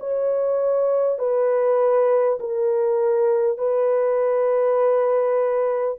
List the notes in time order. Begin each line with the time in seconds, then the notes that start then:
0.00 C#5
1.18 B4
2.39 A#4
3.58 B4